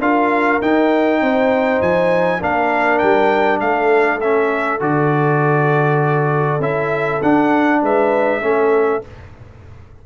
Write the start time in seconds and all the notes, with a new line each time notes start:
0.00 D4 F4 A#4 F5
0.62 D#4 G5
1.22 C4 C5
1.82 F3 G#5
2.41 A#3 D4 A#4 F5
2.99 G3 G5
3.60 A3 A4 F5
4.21 C#4 E5
4.80 D3 F#4 D5
6.60 C#4 E4 E5
7.23 D4 F#5
7.83 G#3 B4 E5
8.42 A3 C#4 A4